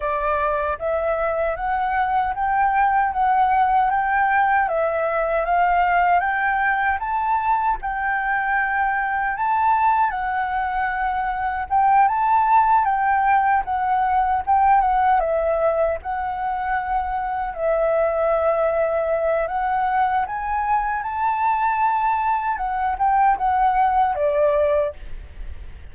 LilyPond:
\new Staff \with { instrumentName = "flute" } { \time 4/4 \tempo 4 = 77 d''4 e''4 fis''4 g''4 | fis''4 g''4 e''4 f''4 | g''4 a''4 g''2 | a''4 fis''2 g''8 a''8~ |
a''8 g''4 fis''4 g''8 fis''8 e''8~ | e''8 fis''2 e''4.~ | e''4 fis''4 gis''4 a''4~ | a''4 fis''8 g''8 fis''4 d''4 | }